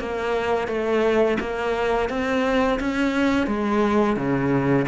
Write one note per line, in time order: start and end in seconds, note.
0.00 0.68 A#3
0.68 1.38 A3
1.40 2.10 A#3
2.10 2.79 C4
2.80 3.47 C#4
3.47 4.16 G#3
4.16 4.86 C#3